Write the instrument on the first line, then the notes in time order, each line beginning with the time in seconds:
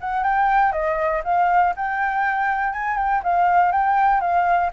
flute
0.00 F#5
0.23 G5
0.72 D#5
1.24 F5
1.75 G5
2.73 G#5
2.97 G5
3.23 F5
3.71 G5
4.20 F5